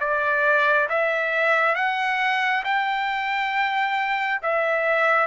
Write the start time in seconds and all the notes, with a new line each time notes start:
0.00 D5
0.89 E5
1.75 F#5
2.64 G5
4.42 E5